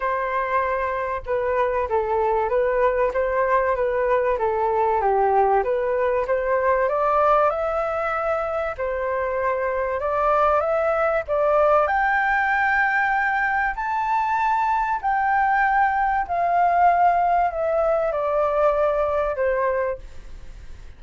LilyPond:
\new Staff \with { instrumentName = "flute" } { \time 4/4 \tempo 4 = 96 c''2 b'4 a'4 | b'4 c''4 b'4 a'4 | g'4 b'4 c''4 d''4 | e''2 c''2 |
d''4 e''4 d''4 g''4~ | g''2 a''2 | g''2 f''2 | e''4 d''2 c''4 | }